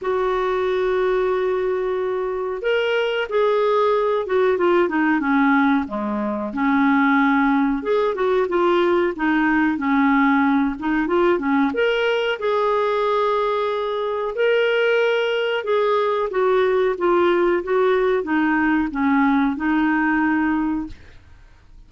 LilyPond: \new Staff \with { instrumentName = "clarinet" } { \time 4/4 \tempo 4 = 92 fis'1 | ais'4 gis'4. fis'8 f'8 dis'8 | cis'4 gis4 cis'2 | gis'8 fis'8 f'4 dis'4 cis'4~ |
cis'8 dis'8 f'8 cis'8 ais'4 gis'4~ | gis'2 ais'2 | gis'4 fis'4 f'4 fis'4 | dis'4 cis'4 dis'2 | }